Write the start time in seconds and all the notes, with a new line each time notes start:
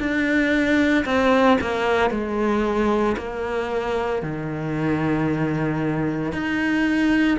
0.00 D4
1.05 C4
1.61 A#3
2.11 G#3
3.17 A#3
4.22 D#3
6.33 D#4